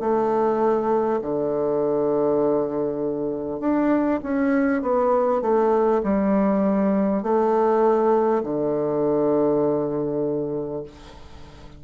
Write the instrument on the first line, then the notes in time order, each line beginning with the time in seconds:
bassoon
0.00 A3
1.22 D3
3.59 D4
4.23 C#4
4.82 B3
5.41 A3
6.03 G3
7.22 A3
8.43 D3